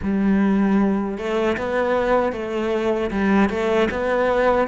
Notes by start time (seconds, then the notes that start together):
0.02 G3
1.18 A3
1.57 B3
2.32 A3
3.11 G3
3.49 A3
3.91 B3